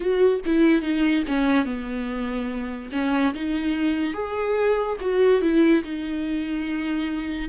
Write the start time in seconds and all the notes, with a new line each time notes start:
0.00 F#4
0.45 E4
0.81 D#4
1.27 C#4
1.65 B3
2.92 C#4
3.34 D#4
4.13 G#4
5.00 F#4
5.41 E4
5.83 D#4